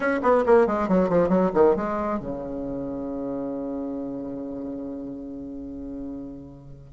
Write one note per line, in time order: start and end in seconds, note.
0.00 0.20 C#4
0.22 0.44 B3
0.46 0.66 A#3
0.66 0.88 G#3
0.88 1.09 F#3
1.09 1.28 F3
1.28 1.50 F#3
1.54 1.75 D#3
1.76 2.19 G#3
2.19 6.93 C#3